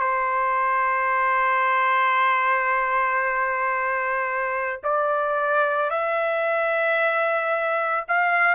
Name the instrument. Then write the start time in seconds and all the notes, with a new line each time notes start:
trumpet
0.00 C5
4.84 D5
5.90 E5
8.08 F5